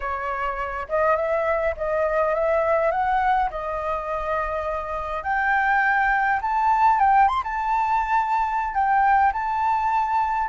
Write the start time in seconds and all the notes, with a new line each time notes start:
0.00 C#5
0.88 D#5
1.16 E5
1.76 D#5
2.34 E5
2.91 F#5
3.50 D#5
5.23 G5
6.41 A5
6.99 G5
7.28 C6
7.43 A5
8.74 G5
9.32 A5